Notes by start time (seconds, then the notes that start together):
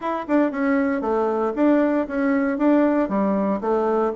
0.00 E4
0.27 D4
0.51 C#4
1.01 A3
1.55 D4
2.07 C#4
2.57 D4
3.08 G3
3.60 A3